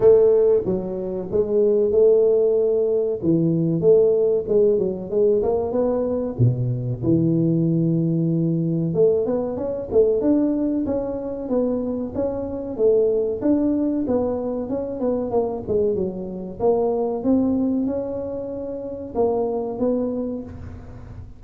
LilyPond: \new Staff \with { instrumentName = "tuba" } { \time 4/4 \tempo 4 = 94 a4 fis4 gis4 a4~ | a4 e4 a4 gis8 fis8 | gis8 ais8 b4 b,4 e4~ | e2 a8 b8 cis'8 a8 |
d'4 cis'4 b4 cis'4 | a4 d'4 b4 cis'8 b8 | ais8 gis8 fis4 ais4 c'4 | cis'2 ais4 b4 | }